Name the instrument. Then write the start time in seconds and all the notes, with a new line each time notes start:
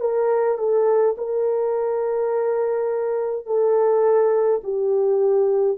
horn
0.00 A#4
0.58 A4
1.17 A#4
3.46 A4
4.63 G4